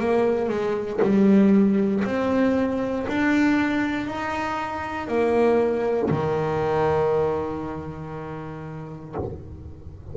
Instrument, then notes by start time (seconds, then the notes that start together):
double bass
0.00 A#3
0.49 G#3
1.02 G3
2.04 C4
3.08 D4
4.07 D#4
5.08 A#3
6.10 D#3